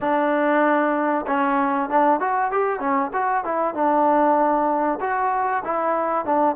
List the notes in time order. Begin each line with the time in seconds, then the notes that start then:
0.00 D4
1.27 C#4
1.89 D4
2.19 F#4
2.51 G4
2.79 C#4
3.13 F#4
3.44 E4
3.74 D4
5.00 F#4
5.64 E4
6.25 D4